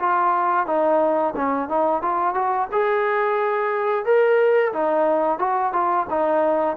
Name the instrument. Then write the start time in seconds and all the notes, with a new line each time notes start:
trombone
0.00 F4
0.67 D#4
1.36 C#4
1.69 D#4
2.03 F4
2.35 F#4
2.72 G#4
4.06 A#4
4.73 D#4
5.39 F#4
5.73 F4
6.10 D#4